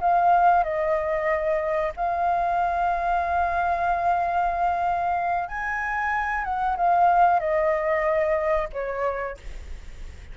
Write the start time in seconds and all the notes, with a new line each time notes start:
0.00 F5
0.63 D#5
1.96 F5
5.48 G#5
6.44 F#5
6.77 F5
7.39 D#5
8.72 C#5